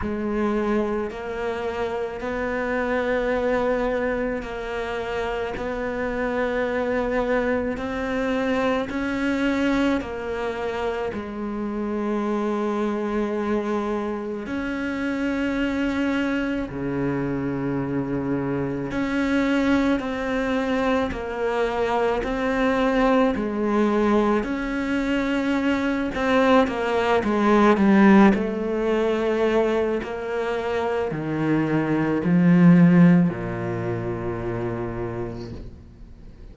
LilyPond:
\new Staff \with { instrumentName = "cello" } { \time 4/4 \tempo 4 = 54 gis4 ais4 b2 | ais4 b2 c'4 | cis'4 ais4 gis2~ | gis4 cis'2 cis4~ |
cis4 cis'4 c'4 ais4 | c'4 gis4 cis'4. c'8 | ais8 gis8 g8 a4. ais4 | dis4 f4 ais,2 | }